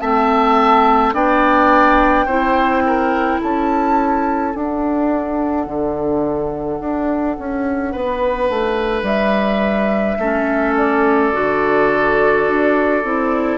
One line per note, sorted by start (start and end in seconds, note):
0.00 1.13 A3
0.00 1.13 C4
0.00 1.13 E5
0.00 1.13 A5
1.13 2.25 B3
1.13 2.26 D4
1.13 2.25 D5
1.13 3.40 G5
2.25 3.38 C4
2.25 4.54 E4
2.25 2.82 C5
2.86 3.40 A#4
3.40 4.54 C#4
3.40 7.91 A4
3.40 4.55 A5
4.54 10.20 D4
4.54 5.66 D4
4.54 9.05 F#5
5.66 6.79 D3
6.80 7.36 D4
7.38 7.94 C#4
7.91 8.49 B3
7.91 10.18 B4
8.49 9.02 A3
9.02 10.15 G3
9.02 10.75 E5
10.18 11.31 A3
10.18 11.32 C#4
10.18 13.57 A4
10.77 13.57 D5
11.32 12.47 D3
11.32 13.02 F#4
12.47 13.04 D4
13.04 13.57 C4
13.04 13.57 E4